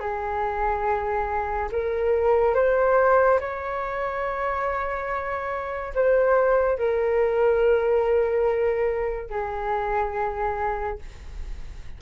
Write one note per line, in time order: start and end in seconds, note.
0.00 1.69 G#4
1.72 2.55 A#4
2.55 3.39 C5
3.40 5.93 C#5
5.95 6.78 C5
6.78 9.30 A#4
9.30 10.99 G#4